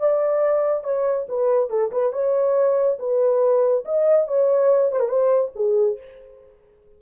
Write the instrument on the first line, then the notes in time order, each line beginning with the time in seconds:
horn
0.00 D5
0.84 C#5
1.29 B4
1.70 A4
1.92 B4
2.13 C#5
2.99 B4
3.85 D#5
4.28 C#5
4.92 C5
5.00 A#4
5.09 C5
5.56 G#4